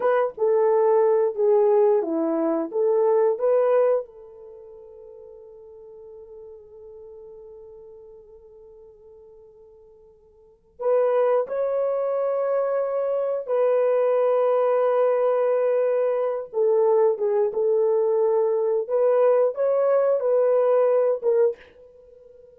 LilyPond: \new Staff \with { instrumentName = "horn" } { \time 4/4 \tempo 4 = 89 b'8 a'4. gis'4 e'4 | a'4 b'4 a'2~ | a'1~ | a'1 |
b'4 cis''2. | b'1~ | b'8 a'4 gis'8 a'2 | b'4 cis''4 b'4. ais'8 | }